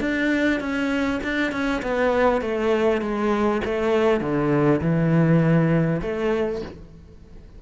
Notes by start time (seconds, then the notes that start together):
0.00 D4
0.60 C#4
1.23 D4
1.52 C#4
1.82 B3
2.41 A3
3.01 G#3
3.64 A3
4.21 D3
4.81 E3
6.02 A3